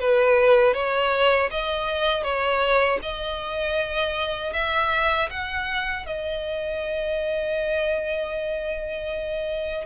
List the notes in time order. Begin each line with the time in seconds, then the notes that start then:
0.00 B4
0.74 C#5
1.51 D#5
2.23 C#5
3.02 D#5
4.53 E5
5.31 F#5
6.07 D#5